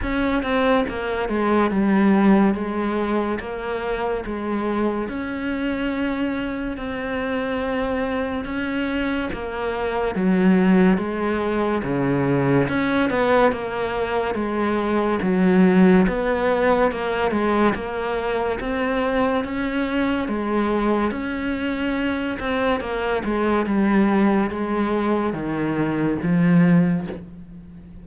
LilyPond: \new Staff \with { instrumentName = "cello" } { \time 4/4 \tempo 4 = 71 cis'8 c'8 ais8 gis8 g4 gis4 | ais4 gis4 cis'2 | c'2 cis'4 ais4 | fis4 gis4 cis4 cis'8 b8 |
ais4 gis4 fis4 b4 | ais8 gis8 ais4 c'4 cis'4 | gis4 cis'4. c'8 ais8 gis8 | g4 gis4 dis4 f4 | }